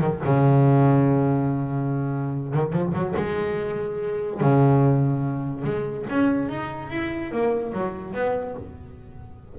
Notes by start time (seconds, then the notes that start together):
0.00 D#3
0.24 C#3
2.53 D#3
2.72 F3
2.93 F#3
3.16 G#3
4.40 C#3
5.64 G#3
6.09 C#4
6.49 D#4
6.90 E4
7.31 A#3
7.72 F#3
8.13 B3